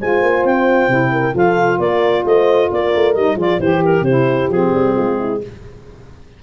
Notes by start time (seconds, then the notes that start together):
0.00 G#3 F4 C5 G#5
0.23 A#3
0.45 C4 G5
0.89 C3 E4
1.12 A#4
1.33 F3 F4 A4 F5
1.79 A#3 A#4 D5
2.26 A3 C5 D#5
2.69 A#3 A#4 D5
2.96 A3
3.15 G3 D#4 D#5
3.36 F3 F4 G#4 D5
3.60 E3 G4 C5
3.85 A#4
4.02 C3 C5
4.08 E4
4.50 F3 C4 G#4
4.73 G3
4.95 G#3 F4
5.19 E4